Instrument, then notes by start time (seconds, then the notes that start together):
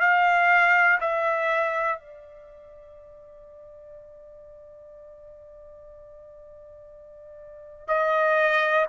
trumpet
0.00 F5
1.00 E5
1.99 D5
7.87 D#5